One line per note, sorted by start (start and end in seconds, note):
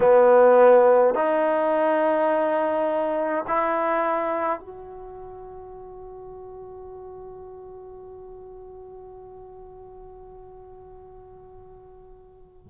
0.00 1.14 B3
1.14 3.45 D#4
3.47 4.59 E4
4.59 12.67 F#4